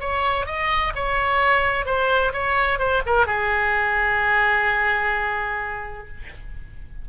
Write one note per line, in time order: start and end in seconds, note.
0.00 0.46 C#5
0.46 0.93 D#5
0.95 1.86 C#5
1.86 2.32 C5
2.33 2.79 C#5
2.79 3.02 C5
3.06 3.27 A#4
3.27 6.08 G#4